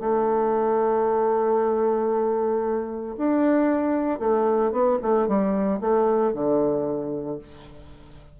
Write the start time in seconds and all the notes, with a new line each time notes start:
0.00 A3
3.17 D4
4.19 A3
4.72 B3
5.02 A3
5.28 G3
5.81 A3
6.33 D3